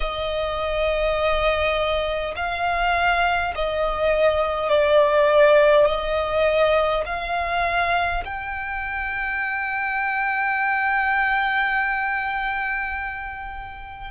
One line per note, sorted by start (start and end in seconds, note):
0.00 2.34 D#5
2.36 3.53 F5
3.55 4.69 D#5
4.69 5.86 D5
5.86 7.03 D#5
7.05 8.23 F5
8.24 14.11 G5